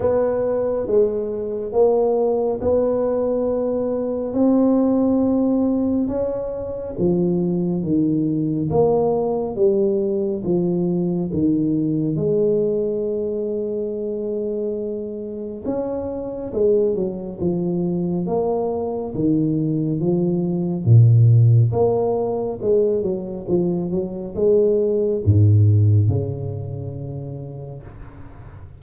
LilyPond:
\new Staff \with { instrumentName = "tuba" } { \time 4/4 \tempo 4 = 69 b4 gis4 ais4 b4~ | b4 c'2 cis'4 | f4 dis4 ais4 g4 | f4 dis4 gis2~ |
gis2 cis'4 gis8 fis8 | f4 ais4 dis4 f4 | ais,4 ais4 gis8 fis8 f8 fis8 | gis4 gis,4 cis2 | }